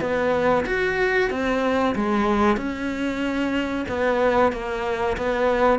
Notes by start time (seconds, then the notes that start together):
0.00 B3
0.66 F#4
1.30 C4
1.95 G#3
2.56 C#4
3.88 B3
4.52 A#3
5.17 B3